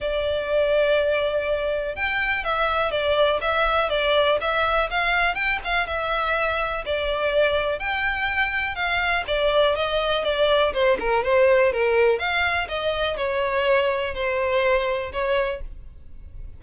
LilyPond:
\new Staff \with { instrumentName = "violin" } { \time 4/4 \tempo 4 = 123 d''1 | g''4 e''4 d''4 e''4 | d''4 e''4 f''4 g''8 f''8 | e''2 d''2 |
g''2 f''4 d''4 | dis''4 d''4 c''8 ais'8 c''4 | ais'4 f''4 dis''4 cis''4~ | cis''4 c''2 cis''4 | }